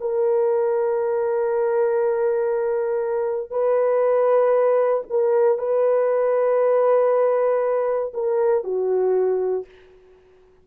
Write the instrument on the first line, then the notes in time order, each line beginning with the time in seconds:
horn
0.00 A#4
3.50 B4
5.10 A#4
5.58 B4
8.14 A#4
8.64 F#4